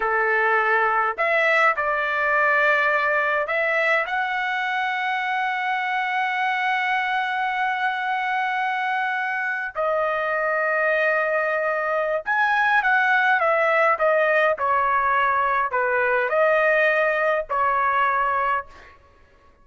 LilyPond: \new Staff \with { instrumentName = "trumpet" } { \time 4/4 \tempo 4 = 103 a'2 e''4 d''4~ | d''2 e''4 fis''4~ | fis''1~ | fis''1~ |
fis''8. dis''2.~ dis''16~ | dis''4 gis''4 fis''4 e''4 | dis''4 cis''2 b'4 | dis''2 cis''2 | }